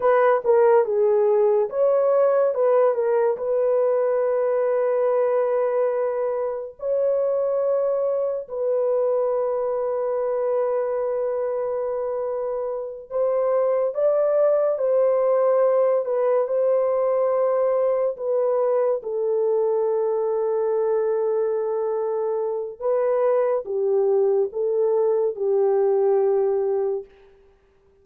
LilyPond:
\new Staff \with { instrumentName = "horn" } { \time 4/4 \tempo 4 = 71 b'8 ais'8 gis'4 cis''4 b'8 ais'8 | b'1 | cis''2 b'2~ | b'2.~ b'8 c''8~ |
c''8 d''4 c''4. b'8 c''8~ | c''4. b'4 a'4.~ | a'2. b'4 | g'4 a'4 g'2 | }